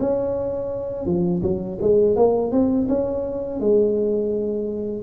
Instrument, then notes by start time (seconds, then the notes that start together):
tuba
0.00 C#4
1.05 F3
1.42 F#3
1.81 G#3
2.16 A#3
2.51 C4
2.88 C#4
3.60 G#3